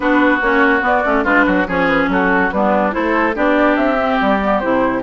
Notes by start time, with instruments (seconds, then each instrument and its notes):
0.00 bassoon B3, clarinet D4, oboe F#4, flute B4
0.41 bassoon A#3, clarinet C#4, flute C#5
0.81 clarinet B3, bassoon B3, flute D5
1.04 bassoon A3, clarinet C#4
1.24 bassoon G#3, clarinet D4, oboe F4, flute B4
1.46 bassoon F#3, oboe F#4
1.67 bassoon F3, clarinet C#4, oboe G#4, flute C#5
1.87 flute B4
2.08 bassoon F#3, oboe F#4, flute A4
2.50 bassoon G3, clarinet B3, oboe D4, flute B4
2.91 bassoon A3, clarinet E4, oboe A4, flute C5
3.34 bassoon B3, clarinet D4, oboe G4, flute D5
3.76 bassoon C4, flute E5
3.98 clarinet C4
4.21 bassoon G3, flute D5
4.41 clarinet B3
4.59 bassoon C3, clarinet E4, flute C5